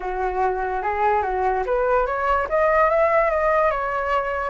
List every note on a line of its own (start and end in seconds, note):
0.00 0.82 F#4
0.82 1.22 G#4
1.22 1.63 F#4
1.66 2.06 B4
2.06 2.47 C#5
2.49 2.90 D#5
2.90 3.30 E5
3.30 3.71 D#5
3.71 4.49 C#5